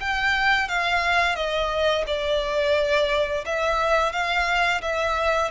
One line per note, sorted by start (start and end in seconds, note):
0.00 0.68 G5
0.68 1.35 F5
1.35 2.04 D#5
2.07 3.45 D5
3.45 4.12 E5
4.12 4.81 F5
4.82 5.50 E5